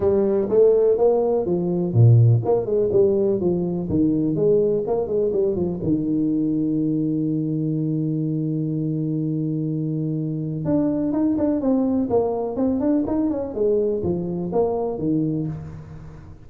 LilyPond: \new Staff \with { instrumentName = "tuba" } { \time 4/4 \tempo 4 = 124 g4 a4 ais4 f4 | ais,4 ais8 gis8 g4 f4 | dis4 gis4 ais8 gis8 g8 f8 | dis1~ |
dis1~ | dis2 d'4 dis'8 d'8 | c'4 ais4 c'8 d'8 dis'8 cis'8 | gis4 f4 ais4 dis4 | }